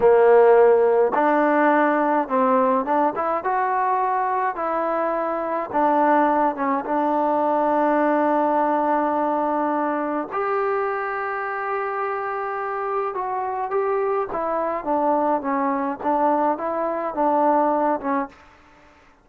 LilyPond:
\new Staff \with { instrumentName = "trombone" } { \time 4/4 \tempo 4 = 105 ais2 d'2 | c'4 d'8 e'8 fis'2 | e'2 d'4. cis'8 | d'1~ |
d'2 g'2~ | g'2. fis'4 | g'4 e'4 d'4 cis'4 | d'4 e'4 d'4. cis'8 | }